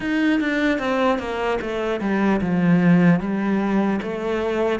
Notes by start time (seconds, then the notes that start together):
0.00 D#4
0.40 D4
0.78 C4
1.19 A#3
1.61 A3
2.00 G3
2.41 F3
3.20 G3
4.01 A3